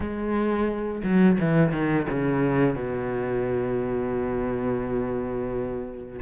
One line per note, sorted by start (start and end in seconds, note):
0.00 1.02 G#3
1.03 1.38 F#3
1.39 1.71 E3
1.71 2.06 D#3
2.10 2.75 C#3
2.75 6.20 B2